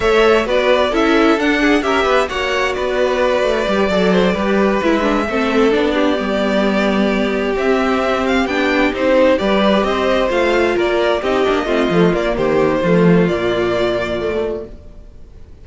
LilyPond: <<
  \new Staff \with { instrumentName = "violin" } { \time 4/4 \tempo 4 = 131 e''4 d''4 e''4 fis''4 | e''4 fis''4 d''2~ | d''2~ d''8 e''4.~ | e''8 d''2.~ d''8~ |
d''8 e''4. f''8 g''4 c''8~ | c''8 d''4 dis''4 f''4 d''8~ | d''8 dis''2 d''8 c''4~ | c''4 d''2. | }
  \new Staff \with { instrumentName = "violin" } { \time 4/4 cis''4 b'4 a'4. gis'8 | ais'8 b'8 cis''4 b'2~ | b'8 d''8 c''8 b'2 a'8~ | a'4 g'2.~ |
g'1~ | g'8 b'4 c''2 ais'8~ | ais'8 g'4 f'4. g'4 | f'1 | }
  \new Staff \with { instrumentName = "viola" } { \time 4/4 a'4 fis'4 e'4 d'4 | g'4 fis'2. | g'8 a'4 g'4 e'8 d'8 c'8~ | c'8 d'4 b2~ b8~ |
b8 c'2 d'4 dis'8~ | dis'8 g'2 f'4.~ | f'8 dis'8 d'8 c'8 a8 ais4. | a4 ais2 a4 | }
  \new Staff \with { instrumentName = "cello" } { \time 4/4 a4 b4 cis'4 d'4 | cis'8 b8 ais4 b4. a8 | g8 fis4 g4 gis4 a8~ | a8 b4 g2~ g8~ |
g8 c'2 b4 c'8~ | c'8 g4 c'4 a4 ais8~ | ais8 c'8 ais8 a8 f8 ais8 dis4 | f4 ais,2. | }
>>